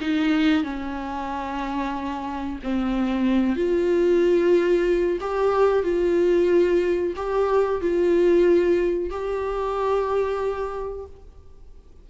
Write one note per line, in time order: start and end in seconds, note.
0.00 0.63 D#4
0.63 2.59 C#4
2.63 3.55 C4
3.55 5.18 F4
5.20 5.83 G4
5.83 7.13 F4
7.16 7.81 G4
7.81 9.09 F4
9.09 11.05 G4